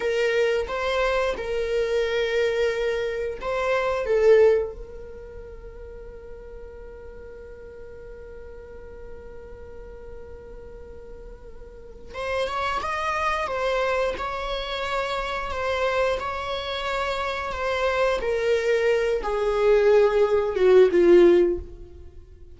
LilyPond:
\new Staff \with { instrumentName = "viola" } { \time 4/4 \tempo 4 = 89 ais'4 c''4 ais'2~ | ais'4 c''4 a'4 ais'4~ | ais'1~ | ais'1~ |
ais'2 c''8 cis''8 dis''4 | c''4 cis''2 c''4 | cis''2 c''4 ais'4~ | ais'8 gis'2 fis'8 f'4 | }